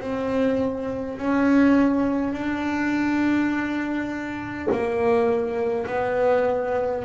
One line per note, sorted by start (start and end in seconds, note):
0.00 1.17 C4
1.17 2.33 C#4
2.33 4.68 D4
4.71 5.87 A#3
5.87 7.04 B3